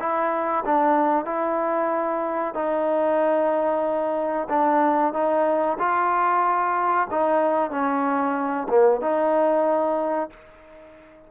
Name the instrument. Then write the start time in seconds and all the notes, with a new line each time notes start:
trombone
0.00 E4
0.65 D4
1.26 E4
2.55 D#4
4.50 D4
5.13 D#4
5.79 F4
7.11 D#4
7.71 C#4
8.69 A#3
9.01 D#4